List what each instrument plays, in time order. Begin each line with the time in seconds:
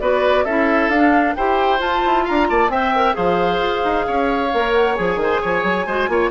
0.00 bassoon B3, clarinet F#4, oboe B4, flute D5
0.45 bassoon C#4, clarinet E4, oboe A4, flute E5
0.88 bassoon D4, flute F5
0.95 clarinet D4
1.35 bassoon E4, clarinet G4, oboe C5, flute G5
1.79 clarinet F4, bassoon F4, flute A5
2.06 bassoon E4
2.25 bassoon D4, oboe F5, flute A#5
2.50 bassoon A#3, oboe D5, flute A5
2.69 bassoon C4, clarinet C5, oboe E5, flute G5
2.96 clarinet A#4
3.14 bassoon F3, clarinet G#4, oboe C5, flute F5
3.59 bassoon F4
3.85 bassoon D#4
4.07 bassoon C#4, oboe C#5
4.54 bassoon A#3, clarinet A#4
4.74 flute F#5
4.95 bassoon F3, clarinet G#4, flute G#5
5.17 bassoon D#3
5.24 oboe C5
5.42 bassoon F3, oboe C#5
5.64 bassoon F#3
5.87 bassoon G#3, clarinet F#4, oboe C5
6.09 bassoon A#3, clarinet F4, oboe C#5